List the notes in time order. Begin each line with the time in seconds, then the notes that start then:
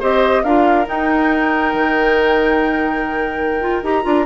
0.00 C4 G4 C5 D#5
0.44 D4 F4 A#4 F5
0.86 D#4 G5
1.74 D#3
3.61 F4
3.83 D#4 G4 A#5
4.04 D4 F4